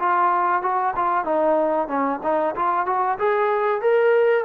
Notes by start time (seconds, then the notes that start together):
0.00 F4
0.63 F#4
0.96 F4
1.25 D#4
1.88 C#4
2.23 D#4
2.56 F4
2.87 F#4
3.19 G#4
3.82 A#4